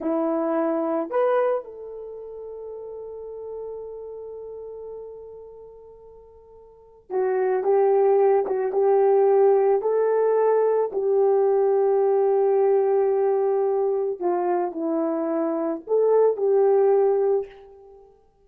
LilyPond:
\new Staff \with { instrumentName = "horn" } { \time 4/4 \tempo 4 = 110 e'2 b'4 a'4~ | a'1~ | a'1~ | a'4 fis'4 g'4. fis'8 |
g'2 a'2 | g'1~ | g'2 f'4 e'4~ | e'4 a'4 g'2 | }